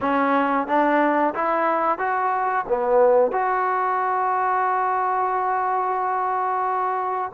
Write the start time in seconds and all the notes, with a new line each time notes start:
0.01 C#4
0.67 D4
1.34 E4
1.98 F#4
2.68 B3
3.32 F#4